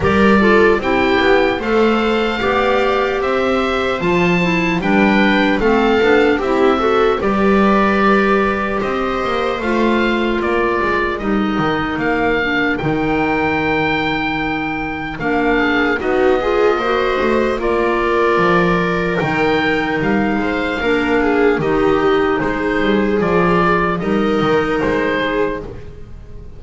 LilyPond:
<<
  \new Staff \with { instrumentName = "oboe" } { \time 4/4 \tempo 4 = 75 d''4 g''4 f''2 | e''4 a''4 g''4 f''4 | e''4 d''2 dis''4 | f''4 d''4 dis''4 f''4 |
g''2. f''4 | dis''2 d''2 | g''4 f''2 dis''4 | c''4 d''4 dis''4 c''4 | }
  \new Staff \with { instrumentName = "viola" } { \time 4/4 ais'8 a'8 g'4 c''4 d''4 | c''2 b'4 a'4 | g'8 a'8 b'2 c''4~ | c''4 ais'2.~ |
ais'2.~ ais'8 gis'8 | fis'8 gis'8 c''4 ais'2~ | ais'4. c''8 ais'8 gis'8 g'4 | gis'2 ais'4. gis'8 | }
  \new Staff \with { instrumentName = "clarinet" } { \time 4/4 g'8 f'8 e'4 a'4 g'4~ | g'4 f'8 e'8 d'4 c'8 d'8 | e'8 fis'8 g'2. | f'2 dis'4. d'8 |
dis'2. d'4 | dis'8 f'8 fis'4 f'2 | dis'2 d'4 dis'4~ | dis'4 f'4 dis'2 | }
  \new Staff \with { instrumentName = "double bass" } { \time 4/4 g4 c'8 b8 a4 b4 | c'4 f4 g4 a8 b8 | c'4 g2 c'8 ais8 | a4 ais8 gis8 g8 dis8 ais4 |
dis2. ais4 | b4 ais8 a8 ais4 f4 | dis4 g8 gis8 ais4 dis4 | gis8 g8 f4 g8 dis8 gis4 | }
>>